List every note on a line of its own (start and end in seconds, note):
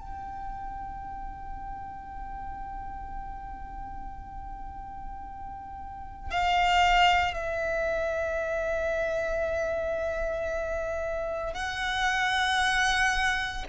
0.00 6.31 G5
6.31 7.33 F5
7.33 11.54 E5
11.54 13.64 F#5